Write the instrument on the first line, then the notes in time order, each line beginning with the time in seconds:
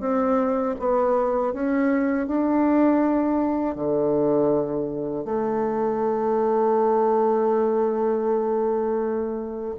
bassoon
0.00 C4
0.79 B3
1.53 C#4
2.27 D4
3.75 D3
5.25 A3